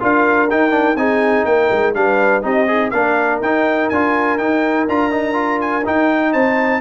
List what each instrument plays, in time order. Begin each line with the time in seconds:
0.00 tuba D4, trombone F4, horn A#4, trumpet F5
0.50 trombone D#4, tuba D#4, trumpet G5
0.70 trombone D4
0.96 tuba C4, trombone D#4, horn G#4, trumpet G#5
1.45 tuba A#3, horn A#4, trumpet G5
1.71 tuba G#3
1.94 tuba G3, trombone D4, horn B4, trumpet F5
2.42 tuba C4, trombone D#4, horn G4, trumpet D#5
2.67 horn D#4, trombone G#4
2.90 tuba A#3, trombone D4, horn A#4, trumpet F5
3.41 tuba D#4, trombone D#4, trumpet G5
3.89 tuba D4, trombone F4, trumpet G#5
4.38 tuba D#4, trombone D#4, trumpet G5
4.88 tuba D4, trombone F4, trumpet A#5
5.11 trombone D#4
5.33 trombone F4
5.61 trumpet G#5
5.85 trombone D#4, tuba D#4, trumpet G5
6.32 tuba C4, horn C5, trumpet A5